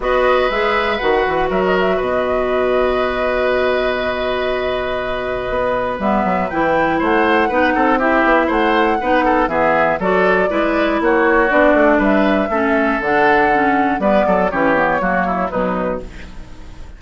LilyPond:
<<
  \new Staff \with { instrumentName = "flute" } { \time 4/4 \tempo 4 = 120 dis''4 e''4 fis''4 e''16 dis''16 e''8 | dis''1~ | dis''1 | e''4 g''4 fis''2 |
e''4 fis''2 e''4 | d''2 cis''4 d''4 | e''2 fis''2 | d''4 cis''2 b'4 | }
  \new Staff \with { instrumentName = "oboe" } { \time 4/4 b'2. ais'4 | b'1~ | b'1~ | b'2 c''4 b'8 a'8 |
g'4 c''4 b'8 a'8 gis'4 | a'4 b'4 fis'2 | b'4 a'2. | b'8 a'8 g'4 fis'8 e'8 dis'4 | }
  \new Staff \with { instrumentName = "clarinet" } { \time 4/4 fis'4 gis'4 fis'2~ | fis'1~ | fis'1 | b4 e'2 dis'4 |
e'2 dis'4 b4 | fis'4 e'2 d'4~ | d'4 cis'4 d'4 cis'4 | b4 cis'8 b8 ais4 fis4 | }
  \new Staff \with { instrumentName = "bassoon" } { \time 4/4 b4 gis4 dis8 e8 fis4 | b,1~ | b,2. b4 | g8 fis8 e4 a4 b8 c'8~ |
c'8 b8 a4 b4 e4 | fis4 gis4 ais4 b8 a8 | g4 a4 d2 | g8 fis8 e4 fis4 b,4 | }
>>